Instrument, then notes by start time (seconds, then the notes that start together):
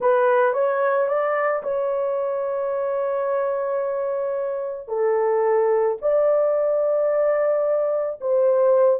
horn
0.00 B4
0.53 C#5
1.08 D5
1.62 C#5
4.88 A4
6.01 D5
8.20 C5